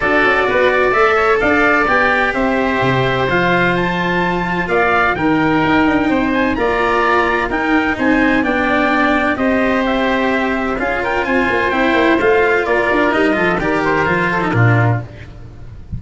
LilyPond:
<<
  \new Staff \with { instrumentName = "trumpet" } { \time 4/4 \tempo 4 = 128 d''2 e''4 f''4 | g''4 e''2 f''4 | a''2 f''4 g''4~ | g''4. gis''8 ais''2 |
g''4 gis''4 g''2 | dis''4 e''2 f''8 g''8 | gis''4 g''4 f''4 d''4 | dis''4 d''8 c''4. ais'4 | }
  \new Staff \with { instrumentName = "oboe" } { \time 4/4 a'4 b'8 d''4 cis''8 d''4~ | d''4 c''2.~ | c''2 d''4 ais'4~ | ais'4 c''4 d''2 |
ais'4 c''4 d''2 | c''2. gis'8 ais'8 | c''2. ais'4~ | ais'8 a'8 ais'4. a'8 f'4 | }
  \new Staff \with { instrumentName = "cello" } { \time 4/4 fis'2 a'2 | g'2. f'4~ | f'2. dis'4~ | dis'2 f'2 |
dis'2 d'2 | g'2. f'4~ | f'4 e'4 f'2 | dis'8 f'8 g'4 f'8. dis'16 d'4 | }
  \new Staff \with { instrumentName = "tuba" } { \time 4/4 d'8 cis'8 b4 a4 d'4 | b4 c'4 c4 f4~ | f2 ais4 dis4 | dis'8 d'8 c'4 ais2 |
dis'4 c'4 b2 | c'2. cis'4 | c'8 ais8 c'8 ais8 a4 ais8 d'8 | g8 f8 dis4 f4 ais,4 | }
>>